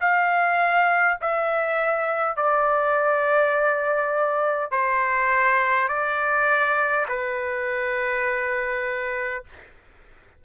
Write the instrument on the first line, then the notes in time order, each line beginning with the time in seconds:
trumpet
0.00 F5
1.21 E5
2.36 D5
4.71 C5
5.88 D5
7.08 B4